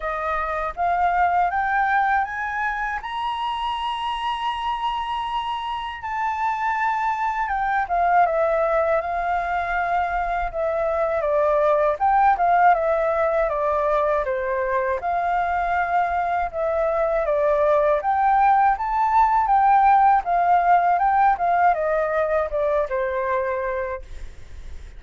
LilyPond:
\new Staff \with { instrumentName = "flute" } { \time 4/4 \tempo 4 = 80 dis''4 f''4 g''4 gis''4 | ais''1 | a''2 g''8 f''8 e''4 | f''2 e''4 d''4 |
g''8 f''8 e''4 d''4 c''4 | f''2 e''4 d''4 | g''4 a''4 g''4 f''4 | g''8 f''8 dis''4 d''8 c''4. | }